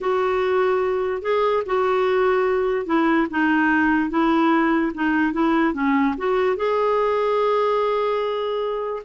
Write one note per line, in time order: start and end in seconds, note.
0.01 1.22 F#4
1.22 1.63 G#4
1.66 2.86 F#4
2.86 3.27 E4
3.30 4.09 D#4
4.09 4.92 E4
4.94 5.33 D#4
5.33 5.73 E4
5.73 6.14 C#4
6.17 6.56 F#4
6.56 9.02 G#4